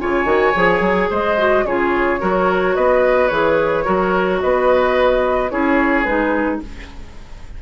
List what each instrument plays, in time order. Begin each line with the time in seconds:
0.00 bassoon C#3, clarinet F4, oboe C#5, flute G#5
0.25 bassoon D#3, clarinet F#4
0.55 bassoon F3, clarinet G#4
0.80 bassoon F#3
1.10 bassoon G#3, oboe C5, flute D#5
1.38 clarinet F#4
1.65 bassoon C#3, clarinet F4, oboe G#4, flute C#5
2.20 bassoon F#3, clarinet F#4, oboe A#4
2.75 bassoon B3, oboe B4, flute D#5
3.28 bassoon E3, clarinet G#4, flute C#5
3.84 bassoon F#3, clarinet F#4, oboe A#4
4.40 bassoon B3, oboe B4, flute D#5
5.50 bassoon C#4, clarinet E4, oboe G#4, flute C#5
6.04 bassoon G#3, clarinet D#4, flute B4